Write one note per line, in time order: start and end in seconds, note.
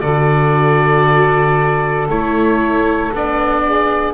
0.00 2.08 D3
0.00 2.09 F#4
0.00 3.62 A4
0.00 2.07 D5
2.08 3.12 A3
2.08 3.13 E4
2.08 3.13 C#5
3.12 4.13 B3
3.12 4.13 D4
3.12 4.13 D5
3.65 4.13 G#4